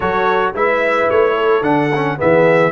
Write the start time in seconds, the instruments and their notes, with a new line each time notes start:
0.00 tuba F#3, trombone F#4, horn A4, trumpet C#5
0.53 tuba G#3, trombone E4, horn B4, trumpet E5
1.10 tuba A3, trumpet C#5
1.35 horn A4
1.61 tuba D3, trombone D4, trumpet F#5
1.94 trombone C#4
2.17 tuba E3, trombone B3, horn G#4, trumpet E5